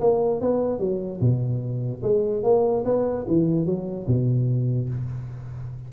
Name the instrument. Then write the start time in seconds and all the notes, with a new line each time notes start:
tuba
0.00 A#3
0.40 B3
0.79 F#3
1.20 B2
2.02 G#3
2.43 A#3
2.84 B3
3.27 E3
3.65 F#3
4.07 B2